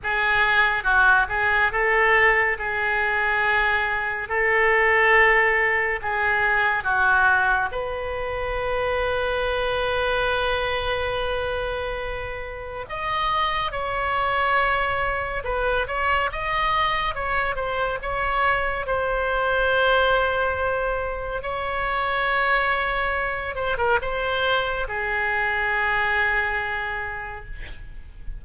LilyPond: \new Staff \with { instrumentName = "oboe" } { \time 4/4 \tempo 4 = 70 gis'4 fis'8 gis'8 a'4 gis'4~ | gis'4 a'2 gis'4 | fis'4 b'2.~ | b'2. dis''4 |
cis''2 b'8 cis''8 dis''4 | cis''8 c''8 cis''4 c''2~ | c''4 cis''2~ cis''8 c''16 ais'16 | c''4 gis'2. | }